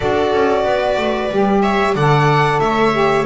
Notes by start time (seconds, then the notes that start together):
0.00 D4 F#4 A4 D5
0.33 C#4
0.63 B3 B4
0.97 A3
1.31 G3 G4
1.61 C#5 E5
1.95 D3 A4 D5 F#5
2.59 A3 C#5 E5
2.92 G4